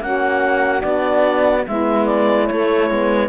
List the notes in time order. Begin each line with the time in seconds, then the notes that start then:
0.00 A#3 C#4 F#4 F#5
0.80 B3 D4 D5
1.67 G#3 B3 E4 E5
2.06 D5
2.47 A3 C#5
2.90 G#3 B3